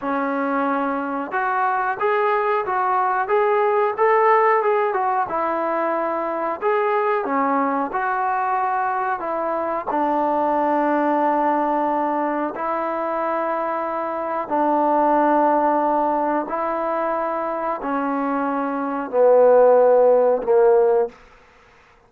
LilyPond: \new Staff \with { instrumentName = "trombone" } { \time 4/4 \tempo 4 = 91 cis'2 fis'4 gis'4 | fis'4 gis'4 a'4 gis'8 fis'8 | e'2 gis'4 cis'4 | fis'2 e'4 d'4~ |
d'2. e'4~ | e'2 d'2~ | d'4 e'2 cis'4~ | cis'4 b2 ais4 | }